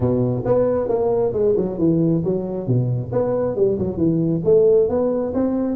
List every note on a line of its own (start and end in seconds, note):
0.00 0.43 B2
0.45 0.88 B3
0.88 1.32 A#3
1.32 1.54 G#3
1.56 1.78 F#3
1.78 2.22 E3
2.24 2.67 F#3
2.67 3.11 B2
3.12 3.55 B3
3.55 3.77 G3
3.78 3.97 F#3
3.97 4.41 E3
4.44 4.88 A3
4.88 5.33 B3
5.34 5.76 C4